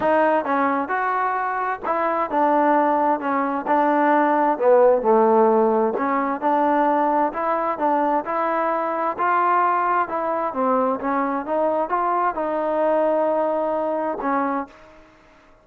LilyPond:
\new Staff \with { instrumentName = "trombone" } { \time 4/4 \tempo 4 = 131 dis'4 cis'4 fis'2 | e'4 d'2 cis'4 | d'2 b4 a4~ | a4 cis'4 d'2 |
e'4 d'4 e'2 | f'2 e'4 c'4 | cis'4 dis'4 f'4 dis'4~ | dis'2. cis'4 | }